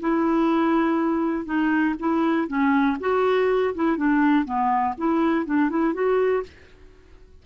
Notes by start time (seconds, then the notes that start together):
0.00 E4
1.45 D#4
1.99 E4
2.48 C#4
3.00 F#4
3.75 E4
3.97 D4
4.45 B3
4.98 E4
5.46 D4
5.70 E4
5.93 F#4